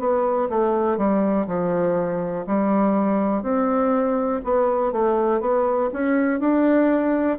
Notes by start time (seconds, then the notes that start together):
0.00 B3
0.50 A3
0.98 G3
1.48 F3
2.47 G3
3.43 C4
4.45 B3
4.93 A3
5.41 B3
5.94 C#4
6.40 D4